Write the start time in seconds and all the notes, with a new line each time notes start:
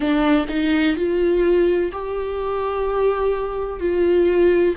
0.00 D4
0.48 D#4
0.96 F4
1.92 G4
3.80 F4